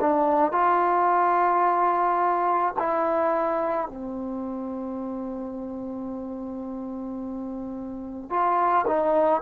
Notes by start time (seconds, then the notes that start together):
0.00 D4
0.52 F4
2.78 E4
3.87 C4
8.29 F4
8.87 D#4